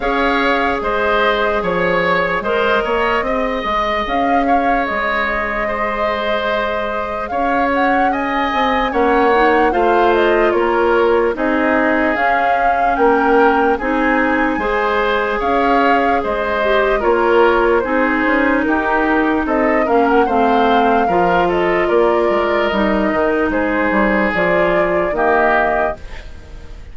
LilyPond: <<
  \new Staff \with { instrumentName = "flute" } { \time 4/4 \tempo 4 = 74 f''4 dis''4 cis''4 dis''4~ | dis''4 f''4 dis''2~ | dis''4 f''8 fis''8 gis''4 fis''4 | f''8 dis''8 cis''4 dis''4 f''4 |
g''4 gis''2 f''4 | dis''4 cis''4 c''4 ais'4 | dis''8 f''16 fis''16 f''4. dis''8 d''4 | dis''4 c''4 d''4 dis''4 | }
  \new Staff \with { instrumentName = "oboe" } { \time 4/4 cis''4 c''4 cis''4 c''8 cis''8 | dis''4. cis''4. c''4~ | c''4 cis''4 dis''4 cis''4 | c''4 ais'4 gis'2 |
ais'4 gis'4 c''4 cis''4 | c''4 ais'4 gis'4 g'4 | a'8 ais'8 c''4 ais'8 a'8 ais'4~ | ais'4 gis'2 g'4 | }
  \new Staff \with { instrumentName = "clarinet" } { \time 4/4 gis'2. ais'4 | gis'1~ | gis'2. cis'8 dis'8 | f'2 dis'4 cis'4~ |
cis'4 dis'4 gis'2~ | gis'8 g'8 f'4 dis'2~ | dis'8 cis'8 c'4 f'2 | dis'2 f'4 ais4 | }
  \new Staff \with { instrumentName = "bassoon" } { \time 4/4 cis'4 gis4 f4 gis8 ais8 | c'8 gis8 cis'4 gis2~ | gis4 cis'4. c'8 ais4 | a4 ais4 c'4 cis'4 |
ais4 c'4 gis4 cis'4 | gis4 ais4 c'8 cis'8 dis'4 | c'8 ais8 a4 f4 ais8 gis8 | g8 dis8 gis8 g8 f4 dis4 | }
>>